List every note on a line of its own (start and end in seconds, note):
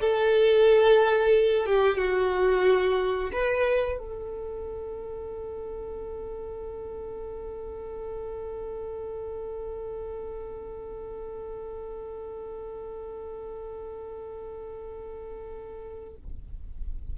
0.00 1.66 A4
1.66 1.97 G4
1.97 3.31 F#4
3.32 3.98 B4
3.98 16.15 A4